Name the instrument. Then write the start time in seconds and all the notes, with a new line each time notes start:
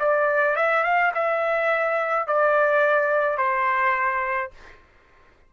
trumpet
0.00 D5
0.56 E5
0.84 F5
1.15 E5
2.27 D5
3.38 C5